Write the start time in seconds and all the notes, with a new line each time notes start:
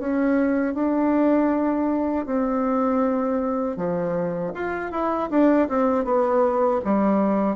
0.00 C#4
0.75 D4
2.26 C4
3.77 F3
4.55 F4
4.92 E4
5.31 D4
5.69 C4
6.05 B3
6.85 G3